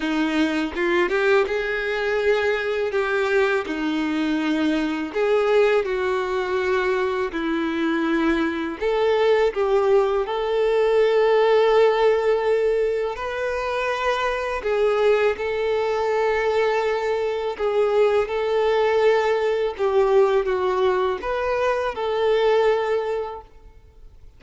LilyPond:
\new Staff \with { instrumentName = "violin" } { \time 4/4 \tempo 4 = 82 dis'4 f'8 g'8 gis'2 | g'4 dis'2 gis'4 | fis'2 e'2 | a'4 g'4 a'2~ |
a'2 b'2 | gis'4 a'2. | gis'4 a'2 g'4 | fis'4 b'4 a'2 | }